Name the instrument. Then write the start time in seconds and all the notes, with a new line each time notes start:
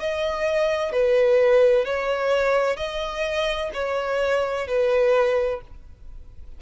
violin
0.00 D#5
0.92 B4
1.86 C#5
2.77 D#5
3.74 C#5
4.68 B4